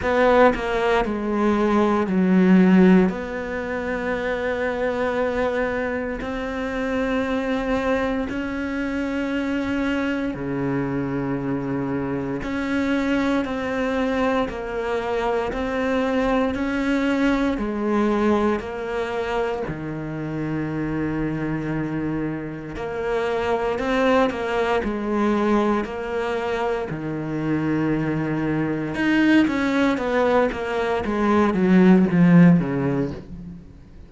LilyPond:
\new Staff \with { instrumentName = "cello" } { \time 4/4 \tempo 4 = 58 b8 ais8 gis4 fis4 b4~ | b2 c'2 | cis'2 cis2 | cis'4 c'4 ais4 c'4 |
cis'4 gis4 ais4 dis4~ | dis2 ais4 c'8 ais8 | gis4 ais4 dis2 | dis'8 cis'8 b8 ais8 gis8 fis8 f8 cis8 | }